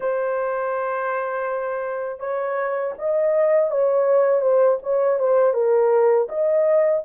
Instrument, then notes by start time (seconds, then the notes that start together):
horn
0.00 C5
2.19 C#5
2.98 D#5
3.70 C#5
4.41 C5
4.82 C#5
5.19 C5
5.53 A#4
6.28 D#5